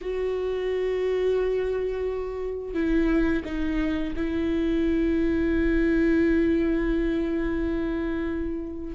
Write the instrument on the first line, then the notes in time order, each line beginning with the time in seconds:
viola
0.01 F#4
2.74 E4
3.44 D#4
4.16 E4